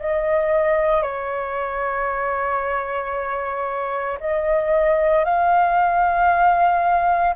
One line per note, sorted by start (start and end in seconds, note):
0.00 1.03 D#5
1.03 4.19 C#5
4.21 5.25 D#5
5.25 7.35 F5